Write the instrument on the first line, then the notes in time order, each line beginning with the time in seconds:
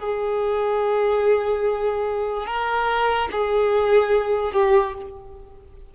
violin
0.00 G#4
2.47 A#4
3.32 G#4
4.53 G4